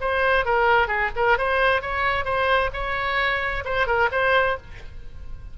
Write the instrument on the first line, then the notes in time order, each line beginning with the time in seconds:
oboe
0.00 C5
0.45 A#4
0.87 G#4
1.16 A#4
1.37 C5
1.81 C#5
2.24 C5
2.73 C#5
3.64 C5
3.86 A#4
4.11 C5